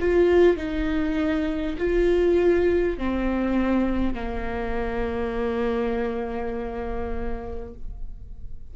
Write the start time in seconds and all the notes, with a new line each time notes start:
0.00 F4
0.57 D#4
1.78 F4
2.97 C4
4.14 A#3